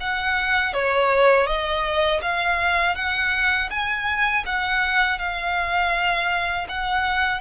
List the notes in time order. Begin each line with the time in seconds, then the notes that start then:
0.00 F#5
0.73 C#5
1.46 D#5
2.22 F5
2.95 F#5
3.70 G#5
4.46 F#5
5.19 F5
6.68 F#5